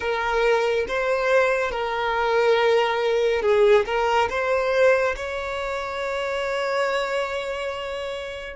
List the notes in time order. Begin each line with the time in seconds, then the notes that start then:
0.00 A#4
0.88 C5
1.71 A#4
3.42 G#4
3.85 A#4
4.29 C5
5.16 C#5